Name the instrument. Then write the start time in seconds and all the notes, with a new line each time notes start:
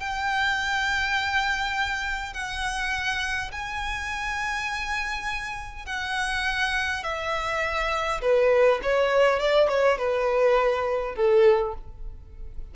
violin
0.00 G5
2.34 F#5
3.52 G#5
5.86 F#5
7.04 E5
8.22 B4
8.83 C#5
9.40 D5
9.69 C#5
9.98 B4
11.16 A4